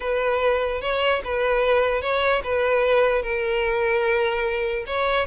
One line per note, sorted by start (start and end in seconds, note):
0.00 0.81 B4
0.81 1.21 C#5
1.24 2.01 B4
2.01 2.42 C#5
2.43 3.22 B4
3.22 4.84 A#4
4.86 5.26 C#5